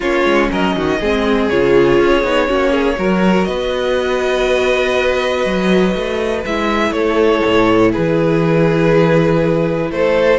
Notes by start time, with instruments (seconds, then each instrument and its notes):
0.00 cello A#3, viola C#4, violin F4 C#5
0.24 cello G#3
0.51 cello F#3, violin A#4 D#5
0.75 cello D#3, violin F#4
1.00 cello G#3, viola C4, violin G#4
1.49 cello C#3, viola F4, violin C#5
2.00 cello C#4
2.23 cello B3, viola D#4
2.48 cello A#3, viola C#4, violin F#4
2.71 violin G#4
2.96 cello F#3, viola F#4, violin A#4
3.44 cello B3, violin B4 D#5
5.45 cello F#3
5.95 cello A3
6.45 cello G#3, viola E4, violin E5
6.91 cello A3, violin A4 C#5
7.45 cello A2
7.91 cello E3, violin G#4 B4
9.90 cello A3, violin A4 C5